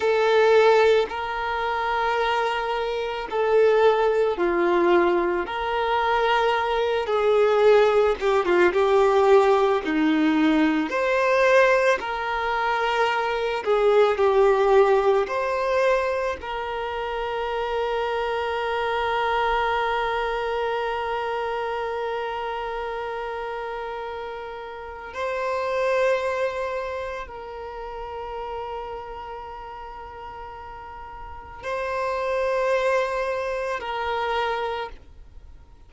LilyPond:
\new Staff \with { instrumentName = "violin" } { \time 4/4 \tempo 4 = 55 a'4 ais'2 a'4 | f'4 ais'4. gis'4 g'16 f'16 | g'4 dis'4 c''4 ais'4~ | ais'8 gis'8 g'4 c''4 ais'4~ |
ais'1~ | ais'2. c''4~ | c''4 ais'2.~ | ais'4 c''2 ais'4 | }